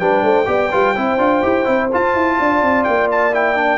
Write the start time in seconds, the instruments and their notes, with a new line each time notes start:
0.00 tuba G3, trombone D4, horn B4, trumpet G5
0.23 tuba A3, horn C5
0.46 tuba B3, trombone G4, horn D5
0.71 tuba G3, trombone F4, horn B4
0.97 tuba C4, trombone E4, horn C5
1.18 tuba D4, trombone F4
1.43 tuba E4, trombone G4
1.65 tuba C4, trombone E4
1.93 trombone F4, tuba F4, trumpet A5
2.15 tuba E4
2.40 tuba D4, horn D5
2.62 tuba C4
2.84 tuba A#3, trumpet G5
3.12 trumpet A5
3.33 trombone E4, trumpet G5
3.56 trombone D4